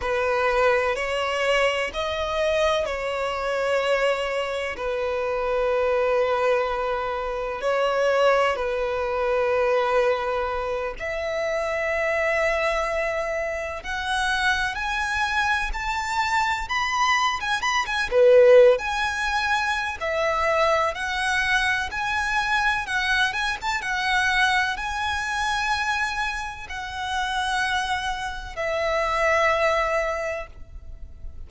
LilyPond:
\new Staff \with { instrumentName = "violin" } { \time 4/4 \tempo 4 = 63 b'4 cis''4 dis''4 cis''4~ | cis''4 b'2. | cis''4 b'2~ b'8 e''8~ | e''2~ e''8 fis''4 gis''8~ |
gis''8 a''4 b''8. gis''16 b''16 gis''16 b'8. gis''16~ | gis''4 e''4 fis''4 gis''4 | fis''8 gis''16 a''16 fis''4 gis''2 | fis''2 e''2 | }